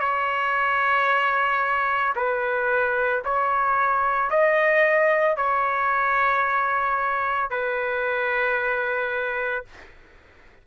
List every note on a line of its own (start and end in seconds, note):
0.00 2.14 C#5
2.16 3.23 B4
3.25 4.31 C#5
4.31 5.37 D#5
5.37 7.50 C#5
7.50 9.65 B4